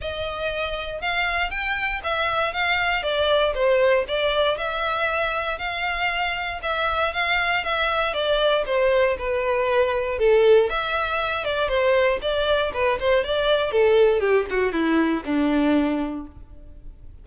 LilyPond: \new Staff \with { instrumentName = "violin" } { \time 4/4 \tempo 4 = 118 dis''2 f''4 g''4 | e''4 f''4 d''4 c''4 | d''4 e''2 f''4~ | f''4 e''4 f''4 e''4 |
d''4 c''4 b'2 | a'4 e''4. d''8 c''4 | d''4 b'8 c''8 d''4 a'4 | g'8 fis'8 e'4 d'2 | }